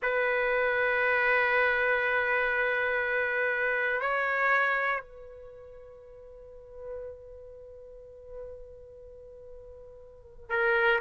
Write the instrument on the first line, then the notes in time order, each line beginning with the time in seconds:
trumpet
0.02 B4
4.00 C#5
5.00 B4
10.50 A#4